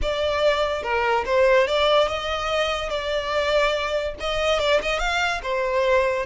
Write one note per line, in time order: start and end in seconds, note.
0.02 0.82 D5
0.82 1.24 A#4
1.25 1.67 C5
1.67 2.08 D5
2.08 2.89 D#5
2.89 4.14 D5
4.20 4.59 D#5
4.59 4.80 D5
4.81 4.99 D#5
4.99 5.41 F5
5.42 6.26 C5